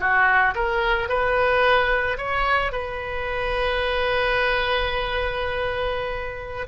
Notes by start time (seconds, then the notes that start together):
0.00 F#4
0.55 A#4
1.09 B4
2.18 C#5
2.72 B4